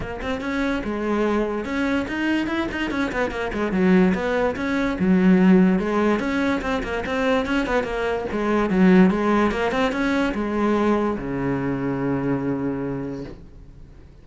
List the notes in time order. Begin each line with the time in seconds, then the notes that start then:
0.00 A#3
0.21 C4
0.40 C#4
0.84 G#3
1.64 C#4
2.08 D#4
2.47 E4
2.71 D#4
2.90 C#4
3.11 B3
3.30 A#3
3.53 G#3
3.72 F#3
4.14 B3
4.55 C#4
4.99 F#3
5.79 G#3
6.19 C#4
6.61 C4
6.83 A#3
7.06 C4
7.46 C#4
7.66 B3
7.83 A#3
8.32 G#3
8.70 F#3
9.10 G#3
9.51 A#3
9.71 C4
9.92 C#4
10.34 G#3
11.17 C#3